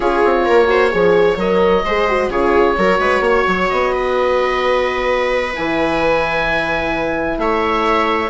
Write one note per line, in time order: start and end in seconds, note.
0.00 0.22 C#4
0.00 0.67 F4
0.00 0.44 G#4
0.00 1.37 C#5
0.24 0.47 C4
0.45 0.93 A#3
0.45 0.68 A#4
0.67 0.90 F#4
0.67 0.91 C5
0.91 1.36 F3
0.91 1.37 G#4
0.91 1.83 C#5
1.36 1.82 F#3
1.36 1.84 A#4
1.36 2.30 D#5
1.84 2.29 G#3
1.84 2.08 G#4
1.84 2.30 C5
2.08 2.31 F#4
2.29 2.75 C#3
2.29 2.77 F4
2.29 2.76 G#4
2.29 3.69 C#5
2.77 2.99 F#3
2.77 5.53 F#4
2.77 3.00 A#4
2.99 3.20 G#3
2.99 3.23 B4
3.20 3.43 A#3
3.20 3.93 C#5
3.47 3.70 F#3
3.69 5.55 B3
3.69 5.53 D#5
3.93 7.39 B4
5.53 7.37 E3
5.53 8.30 E4
5.53 7.39 G#5
7.37 8.29 A3
7.37 8.30 C#5
7.37 8.30 E5